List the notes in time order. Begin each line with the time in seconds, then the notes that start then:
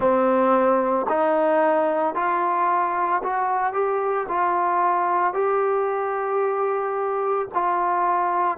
0.00 C4
1.08 D#4
2.14 F4
3.23 F#4
3.73 G4
4.28 F4
5.33 G4
7.54 F4